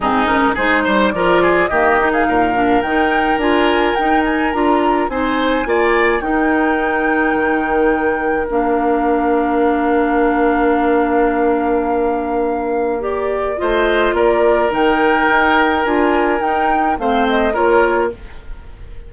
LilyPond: <<
  \new Staff \with { instrumentName = "flute" } { \time 4/4 \tempo 4 = 106 gis'8 ais'8 c''4 d''4 dis''8. f''16~ | f''4 g''4 gis''4 g''8 gis''8 | ais''4 gis''2 g''4~ | g''2. f''4~ |
f''1~ | f''2. d''4 | dis''4 d''4 g''2 | gis''4 g''4 f''8 dis''8 cis''4 | }
  \new Staff \with { instrumentName = "oboe" } { \time 4/4 dis'4 gis'8 c''8 ais'8 gis'8 g'8. gis'16 | ais'1~ | ais'4 c''4 d''4 ais'4~ | ais'1~ |
ais'1~ | ais'1 | c''4 ais'2.~ | ais'2 c''4 ais'4 | }
  \new Staff \with { instrumentName = "clarinet" } { \time 4/4 c'8 cis'8 dis'4 f'4 ais8 dis'8~ | dis'8 d'8 dis'4 f'4 dis'4 | f'4 dis'4 f'4 dis'4~ | dis'2. d'4~ |
d'1~ | d'2. g'4 | f'2 dis'2 | f'4 dis'4 c'4 f'4 | }
  \new Staff \with { instrumentName = "bassoon" } { \time 4/4 gis,4 gis8 g8 f4 dis4 | ais,4 dis4 d'4 dis'4 | d'4 c'4 ais4 dis'4~ | dis'4 dis2 ais4~ |
ais1~ | ais1 | a4 ais4 dis4 dis'4 | d'4 dis'4 a4 ais4 | }
>>